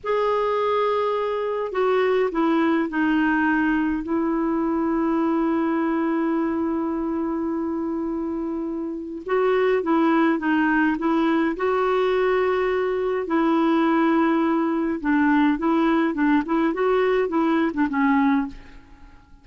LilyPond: \new Staff \with { instrumentName = "clarinet" } { \time 4/4 \tempo 4 = 104 gis'2. fis'4 | e'4 dis'2 e'4~ | e'1~ | e'1 |
fis'4 e'4 dis'4 e'4 | fis'2. e'4~ | e'2 d'4 e'4 | d'8 e'8 fis'4 e'8. d'16 cis'4 | }